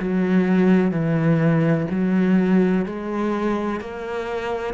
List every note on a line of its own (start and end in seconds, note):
0.00 0.91 F#3
0.91 1.87 E3
1.90 2.86 F#3
2.86 3.81 G#3
3.81 4.74 A#3